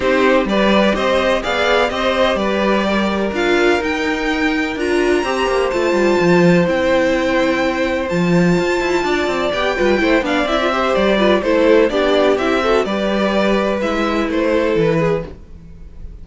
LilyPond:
<<
  \new Staff \with { instrumentName = "violin" } { \time 4/4 \tempo 4 = 126 c''4 d''4 dis''4 f''4 | dis''4 d''2 f''4 | g''2 ais''2 | a''2 g''2~ |
g''4 a''2. | g''4. f''8 e''4 d''4 | c''4 d''4 e''4 d''4~ | d''4 e''4 c''4 b'4 | }
  \new Staff \with { instrumentName = "violin" } { \time 4/4 g'4 b'4 c''4 d''4 | c''4 b'4 ais'2~ | ais'2. c''4~ | c''1~ |
c''2. d''4~ | d''8 b'8 c''8 d''4 c''4 b'8 | a'4 g'4. a'8 b'4~ | b'2~ b'8 a'4 gis'8 | }
  \new Staff \with { instrumentName = "viola" } { \time 4/4 dis'4 g'2 gis'4 | g'2. f'4 | dis'2 f'4 g'4 | f'2 e'2~ |
e'4 f'2. | g'8 f'8 e'8 d'8 e'16 f'16 g'4 f'8 | e'4 d'4 e'8 fis'8 g'4~ | g'4 e'2. | }
  \new Staff \with { instrumentName = "cello" } { \time 4/4 c'4 g4 c'4 b4 | c'4 g2 d'4 | dis'2 d'4 c'8 ais8 | a8 g8 f4 c'2~ |
c'4 f4 f'8 e'8 d'8 c'8 | b8 g8 a8 b8 c'4 g4 | a4 b4 c'4 g4~ | g4 gis4 a4 e4 | }
>>